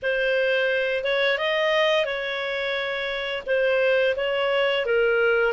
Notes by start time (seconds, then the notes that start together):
0.02 C5
1.03 C#5
1.38 D#5
2.05 C#5
3.46 C5
4.16 C#5
4.85 A#4